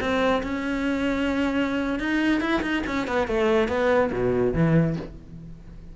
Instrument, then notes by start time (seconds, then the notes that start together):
cello
0.00 C4
0.43 C#4
1.99 D#4
2.40 E4
2.62 D#4
2.86 C#4
3.07 B3
3.27 A3
3.68 B3
4.12 B2
4.54 E3